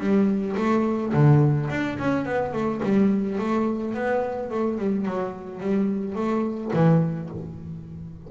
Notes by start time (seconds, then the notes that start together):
0.00 G3
0.57 A3
1.14 D3
1.70 D4
1.99 C#4
2.26 B3
2.53 A3
2.84 G3
3.39 A3
3.95 B3
4.51 A3
4.79 G3
5.06 F#3
5.61 G3
6.16 A3
6.74 E3